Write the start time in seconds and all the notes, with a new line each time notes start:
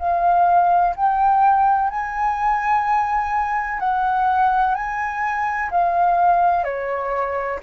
0.00 F5
0.97 G5
1.90 G#5
3.80 F#5
4.75 G#5
5.71 F5
6.65 C#5